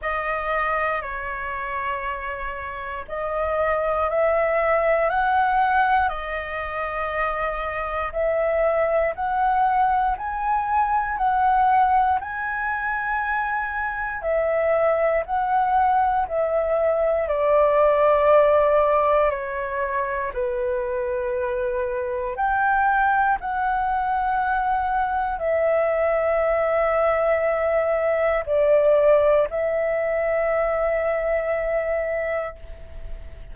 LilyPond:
\new Staff \with { instrumentName = "flute" } { \time 4/4 \tempo 4 = 59 dis''4 cis''2 dis''4 | e''4 fis''4 dis''2 | e''4 fis''4 gis''4 fis''4 | gis''2 e''4 fis''4 |
e''4 d''2 cis''4 | b'2 g''4 fis''4~ | fis''4 e''2. | d''4 e''2. | }